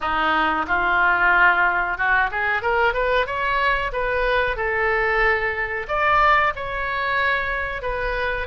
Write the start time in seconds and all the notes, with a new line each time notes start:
0.01 D#4
0.67 F4
1.97 F#4
2.31 G#4
2.62 A#4
2.93 B4
3.26 C#5
3.92 B4
4.56 A4
5.88 D5
6.55 C#5
7.82 B4